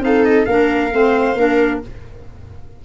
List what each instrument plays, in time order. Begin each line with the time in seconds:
0.00 tuba C4, clarinet D#4, viola A4, trumpet F5
0.25 trumpet D#5
0.45 tuba A#3, clarinet D4, viola A#4, trumpet F5
0.91 tuba A3, clarinet C4, viola C5
1.35 tuba A#3, clarinet D4, viola A#4